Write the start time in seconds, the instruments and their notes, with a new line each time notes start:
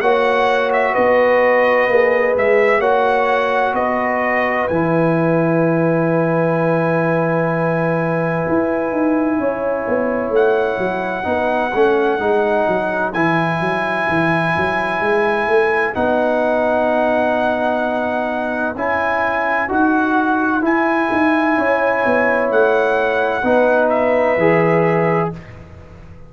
0.00 tuba A#3, trombone F#4, horn C#5, trumpet F#5
0.72 trumpet E5
0.93 tuba B3, horn B4, trumpet D#5
1.88 tuba A#3, trombone G#4
2.36 tuba G#3, trumpet E5
2.78 tuba A#3, trombone F#4, horn C#5, trumpet F#5
3.73 tuba B3, horn B4, trumpet D#5
4.67 tuba E3, trombone E4, trumpet G#5
8.48 tuba E4
8.91 tuba D#4
9.38 tuba C#4, horn C#5
9.87 tuba B3
10.30 tuba A3, trumpet F#5
10.78 tuba F#3
11.23 tuba B3, trombone D#4, horn B4
11.74 tuba A3, trombone C#4
12.19 tuba G#3, trombone D#4
12.67 tuba F#3
13.13 tuba E3, trombone E4, trumpet G#5
13.60 tuba F#3
14.08 tuba E3
14.56 tuba F#3
15.00 tuba G#3
15.47 tuba A3
15.94 tuba B3, trombone D#4, trumpet F#5
18.75 tuba C#4, trombone E4, trumpet G#5
19.68 tuba D#4, trombone F#4, trumpet F#5
20.61 trombone E4, tuba E4, trumpet G#5
21.11 tuba D#4
21.57 tuba C#4, horn C#5
22.05 tuba B3
22.51 tuba A3, trumpet F#5
23.43 tuba B3, trombone D#4, horn B4
23.89 trumpet E5
24.37 tuba E3, trombone G#4